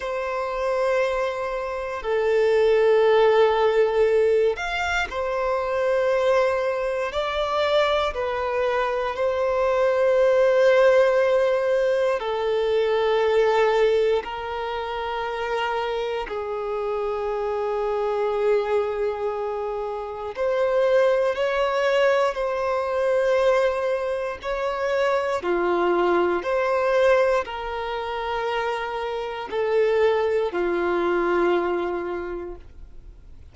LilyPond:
\new Staff \with { instrumentName = "violin" } { \time 4/4 \tempo 4 = 59 c''2 a'2~ | a'8 f''8 c''2 d''4 | b'4 c''2. | a'2 ais'2 |
gis'1 | c''4 cis''4 c''2 | cis''4 f'4 c''4 ais'4~ | ais'4 a'4 f'2 | }